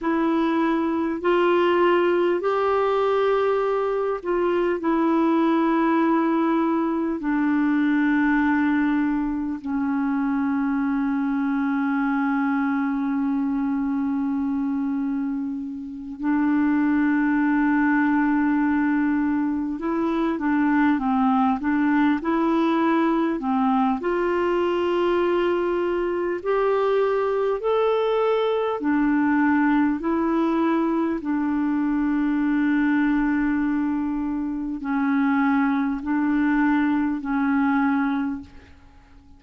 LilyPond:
\new Staff \with { instrumentName = "clarinet" } { \time 4/4 \tempo 4 = 50 e'4 f'4 g'4. f'8 | e'2 d'2 | cis'1~ | cis'4. d'2~ d'8~ |
d'8 e'8 d'8 c'8 d'8 e'4 c'8 | f'2 g'4 a'4 | d'4 e'4 d'2~ | d'4 cis'4 d'4 cis'4 | }